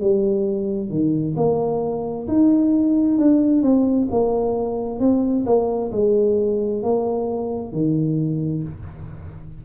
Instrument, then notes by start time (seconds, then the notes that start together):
tuba
0.00 G3
0.90 D#3
1.36 A#3
2.27 D#4
3.18 D4
3.62 C4
4.10 A#3
5.00 C4
5.45 A#3
5.91 G#3
6.82 A#3
7.72 D#3